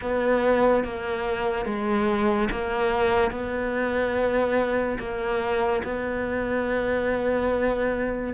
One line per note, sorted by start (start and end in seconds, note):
0.01 0.84 B3
0.84 1.65 A#3
1.65 2.48 G#3
2.51 3.31 A#3
3.31 4.98 B3
4.98 5.82 A#3
5.83 8.33 B3